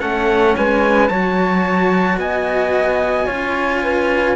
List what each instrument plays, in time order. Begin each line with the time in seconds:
0.00 cello A3 C#4, flute A4, trumpet F#5
0.56 cello G#3, flute B4, trumpet G#5
1.08 cello F#3 F#4, flute C#5, trumpet A5
2.17 cello B3, flute D#5, trumpet G#5
3.26 cello C#4 F4, flute C#5
3.82 flute B4